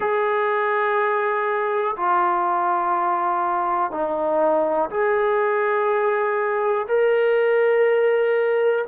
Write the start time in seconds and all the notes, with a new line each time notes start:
0.00 G#4
1.96 F4
3.91 D#4
4.90 G#4
6.88 A#4